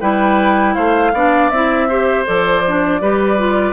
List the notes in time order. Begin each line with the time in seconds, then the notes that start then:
0.00 G3 E4 B4 G5
0.74 A3 C5 F5
1.13 B3 D4 D5
1.49 C4 E4 E5
1.88 G4 C5
2.25 F3 A4 D5
2.67 D4
3.00 G3 G4 B4
3.37 F4